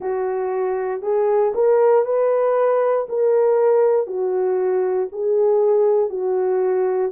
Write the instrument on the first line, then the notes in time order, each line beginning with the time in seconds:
horn
0.00 F#4
1.02 G#4
1.54 A#4
2.05 B4
3.08 A#4
4.06 F#4
5.12 G#4
6.09 F#4